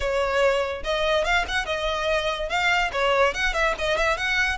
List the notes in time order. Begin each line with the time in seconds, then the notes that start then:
0.00 C#5
0.83 D#5
1.24 F5
1.48 F#5
1.65 D#5
2.49 F5
2.92 C#5
3.34 F#5
3.53 E5
3.78 D#5
3.97 E5
4.17 F#5